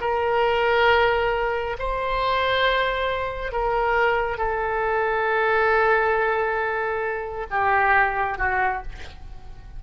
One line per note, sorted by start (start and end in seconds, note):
0.00 1.76 A#4
1.78 3.52 C5
3.52 4.37 A#4
4.37 7.46 A4
7.50 8.38 G4
8.38 8.82 F#4